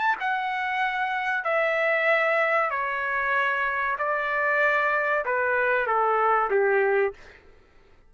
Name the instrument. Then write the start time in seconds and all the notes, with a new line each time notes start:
trumpet
0.00 A5
0.20 F#5
1.44 E5
2.71 C#5
3.99 D5
5.25 B4
5.87 A4
6.51 G4